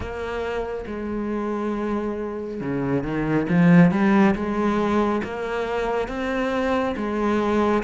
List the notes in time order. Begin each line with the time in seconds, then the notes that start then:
0.00 A#3
0.87 G#3
2.60 C#3
3.03 D#3
3.49 F3
3.91 G3
4.35 G#3
5.23 A#3
6.08 C4
6.96 G#3